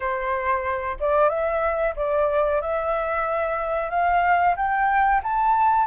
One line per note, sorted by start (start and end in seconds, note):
0.00 0.97 C5
1.00 1.29 D5
1.29 1.94 E5
1.96 2.61 D5
2.61 3.90 E5
3.90 4.55 F5
4.56 5.21 G5
5.23 5.86 A5